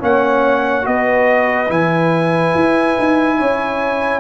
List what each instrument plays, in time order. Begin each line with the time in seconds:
0.00 tuba A#3, trombone C#4, horn C#5, trumpet F#5
0.82 tuba B3, trombone F#4, horn B4, trumpet D#5
1.69 tuba E3, trombone E4, trumpet G#5
2.55 tuba E4
2.99 tuba D#4
3.38 tuba C#4, horn C#5